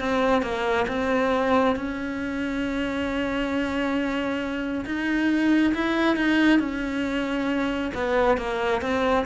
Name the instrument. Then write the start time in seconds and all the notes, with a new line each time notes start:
cello
0.00 C4
0.43 A#3
0.88 C4
1.76 C#4
4.86 D#4
5.74 E4
6.16 D#4
6.60 C#4
7.95 B3
8.38 A#3
8.82 C4